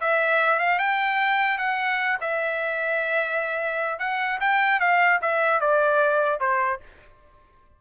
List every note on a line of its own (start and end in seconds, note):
0.00 0.59 E5
0.59 0.78 F5
0.78 1.58 G5
1.58 2.18 F#5
2.20 3.99 E5
3.99 4.39 F#5
4.40 4.80 G5
4.80 5.20 F5
5.21 5.60 E5
5.60 6.39 D5
6.39 6.79 C5